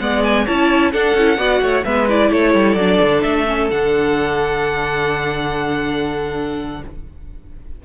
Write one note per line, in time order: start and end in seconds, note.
0.00 0.46 G#3
0.00 0.46 B3
0.00 0.45 D5
0.00 0.23 F#5
0.24 0.47 G#5
0.45 0.94 C#4
0.45 0.93 E4
0.45 0.91 C#5
0.45 0.92 A5
0.92 1.16 D4
0.92 1.15 D4
0.92 1.38 A4
0.92 1.85 F#5
1.15 1.38 C#4
1.15 1.37 E4
1.37 1.61 B3
1.37 1.84 F#4
1.37 1.61 D5
1.62 1.85 A3
1.62 1.85 C#5
1.85 2.31 G#3
1.85 2.09 B3
1.85 2.31 B4
1.85 2.08 E5
2.09 2.78 E4
2.09 2.32 D5
2.32 2.55 A3
2.32 6.82 A4
2.32 2.75 C#5
2.55 2.75 G3
2.75 2.98 F#3
2.75 3.47 D4
2.75 3.21 D5
3.02 3.25 D3
3.22 3.71 A3
3.22 3.68 E5
3.47 3.70 C#4
3.71 6.83 D3
3.71 6.85 D4
3.71 6.83 F#5